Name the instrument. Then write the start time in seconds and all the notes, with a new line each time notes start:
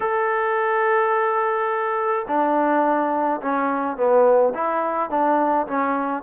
trombone
0.00 A4
2.27 D4
3.41 C#4
3.96 B3
4.54 E4
5.10 D4
5.67 C#4